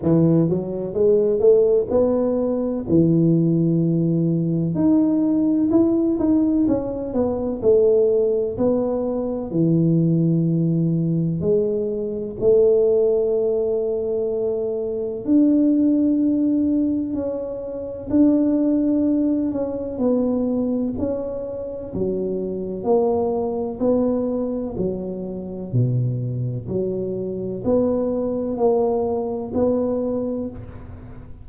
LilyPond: \new Staff \with { instrumentName = "tuba" } { \time 4/4 \tempo 4 = 63 e8 fis8 gis8 a8 b4 e4~ | e4 dis'4 e'8 dis'8 cis'8 b8 | a4 b4 e2 | gis4 a2. |
d'2 cis'4 d'4~ | d'8 cis'8 b4 cis'4 fis4 | ais4 b4 fis4 b,4 | fis4 b4 ais4 b4 | }